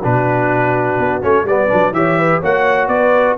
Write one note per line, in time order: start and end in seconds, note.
0.00 0.99 B2
0.00 1.22 D4
0.00 1.44 F#4
0.00 1.23 B4
0.99 1.23 B3
1.22 1.44 A3
1.22 1.46 C#4
1.22 1.47 C#5
1.44 1.68 G3
1.44 1.69 B3
1.44 1.95 B4
1.44 1.94 D5
1.69 1.92 F#3
1.69 1.93 D4
1.92 2.40 E3
1.92 2.42 G4
1.92 2.19 C#5
1.92 2.42 E5
2.19 2.40 B4
2.40 2.88 A#3
2.40 3.38 F#4
2.40 2.88 C#5
2.40 2.88 F#5
2.88 3.36 B3
2.88 3.38 B4
2.88 3.36 D5